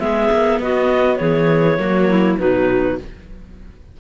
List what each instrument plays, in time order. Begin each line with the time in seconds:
0.00 cello G#3, viola B3, clarinet G#4 E5
0.31 cello A#3
0.60 cello B3, clarinet F#4 D#5
1.17 cello E3, clarinet G#4 C#5
1.79 cello F#3, viola A#3, clarinet F#4
2.09 clarinet E4
2.39 cello B2, viola F#3, clarinet D#4 B4